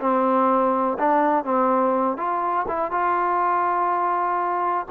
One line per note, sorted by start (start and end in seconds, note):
0.00 0.98 C4
0.99 1.44 D4
1.44 2.17 C4
2.17 2.66 F4
2.67 2.91 E4
2.91 4.86 F4